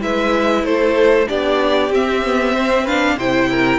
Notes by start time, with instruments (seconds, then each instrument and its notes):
0.00 cello G#3, viola E4, violin B4 E5
0.64 cello A3, violin A4 C5
1.26 cello B3, viola D4, violin G4 D5
1.90 cello C4, viola C4, violin E5
2.24 viola B3
2.54 viola C4, violin C5
2.84 viola D4, violin B4 F5
3.16 cello C3, viola E4, violin C5 G5
3.51 violin A#4